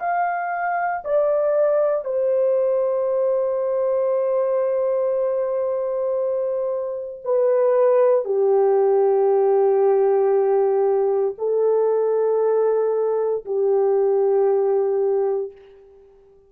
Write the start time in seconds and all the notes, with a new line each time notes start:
0.00 F5
1.05 D5
2.05 C5
7.25 B4
8.25 G4
11.38 A4
13.46 G4